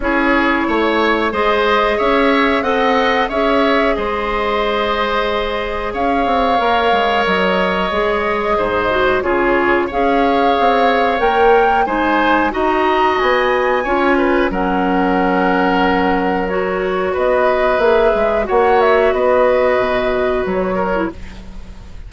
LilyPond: <<
  \new Staff \with { instrumentName = "flute" } { \time 4/4 \tempo 4 = 91 cis''2 dis''4 e''4 | fis''4 e''4 dis''2~ | dis''4 f''2 dis''4~ | dis''2 cis''4 f''4~ |
f''4 g''4 gis''4 ais''4 | gis''2 fis''2~ | fis''4 cis''4 dis''4 e''4 | fis''8 e''8 dis''2 cis''4 | }
  \new Staff \with { instrumentName = "oboe" } { \time 4/4 gis'4 cis''4 c''4 cis''4 | dis''4 cis''4 c''2~ | c''4 cis''2.~ | cis''4 c''4 gis'4 cis''4~ |
cis''2 c''4 dis''4~ | dis''4 cis''8 b'8 ais'2~ | ais'2 b'2 | cis''4 b'2~ b'8 ais'8 | }
  \new Staff \with { instrumentName = "clarinet" } { \time 4/4 e'2 gis'2 | a'4 gis'2.~ | gis'2 ais'2 | gis'4. fis'8 f'4 gis'4~ |
gis'4 ais'4 dis'4 fis'4~ | fis'4 f'4 cis'2~ | cis'4 fis'2 gis'4 | fis'2.~ fis'8. e'16 | }
  \new Staff \with { instrumentName = "bassoon" } { \time 4/4 cis'4 a4 gis4 cis'4 | c'4 cis'4 gis2~ | gis4 cis'8 c'8 ais8 gis8 fis4 | gis4 gis,4 cis4 cis'4 |
c'4 ais4 gis4 dis'4 | b4 cis'4 fis2~ | fis2 b4 ais8 gis8 | ais4 b4 b,4 fis4 | }
>>